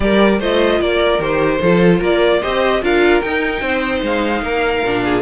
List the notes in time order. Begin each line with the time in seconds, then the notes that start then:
0.00 G3 G4 A#4 D5
0.39 A3 F4 C5 D#5
0.80 A#3 A#4 D5
1.19 D#3 G4 C5
1.61 F3 F4 A4
1.98 A#3 A#4 D5
2.41 C4 G4 C5 D#5
2.82 D4 F4 A#4 F5
3.21 D#4 G5
3.61 C4 C5
4.02 G#3 F5
4.42 A#3 A#4
4.84 A#2 D4
5.04 G#4